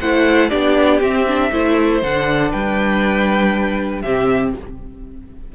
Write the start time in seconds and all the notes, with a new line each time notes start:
0.00 A3 E4 C5 F#5
0.49 B3 D4 G4 D5
1.00 C4 E5
1.27 D4
1.51 A3 E4 C5
2.02 D3 D4 F#5
2.51 G3 B4 G5
4.01 C3 C4 G4 E5